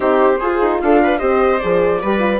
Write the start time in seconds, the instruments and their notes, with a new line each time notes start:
0.00 bassoon C4, horn D#4, viola G4, flute C5
0.39 horn F4, bassoon F4, viola G#4
0.61 bassoon D#4
0.81 bassoon D4, viola A4, flute F5
1.03 viola B4
1.18 bassoon C4, horn G4, viola C5, flute D#5
1.58 bassoon F3, horn G#4, flute D5
2.02 bassoon G3, horn G4, viola B4
2.19 horn F4